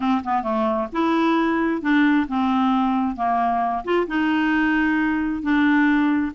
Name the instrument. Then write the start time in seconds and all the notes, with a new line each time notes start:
clarinet
0.00 C4
0.24 B3
0.42 A3
0.92 E4
1.81 D4
2.28 C4
3.16 A#3
3.84 F4
4.07 D#4
5.42 D4